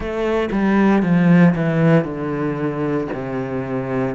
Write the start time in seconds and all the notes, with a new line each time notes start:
0.00 A3
0.51 G3
1.02 F3
1.55 E3
2.04 D3
3.13 C3